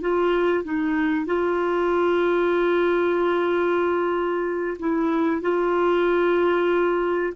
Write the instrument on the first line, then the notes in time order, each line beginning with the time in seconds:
clarinet
0.00 F4
0.64 D#4
1.26 F4
4.79 E4
5.41 F4